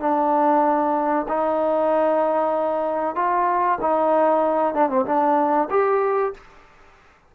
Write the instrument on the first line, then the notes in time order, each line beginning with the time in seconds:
trombone
0.00 D4
1.28 D#4
3.15 F4
3.81 D#4
4.74 D4
4.89 C4
5.06 D4
5.70 G4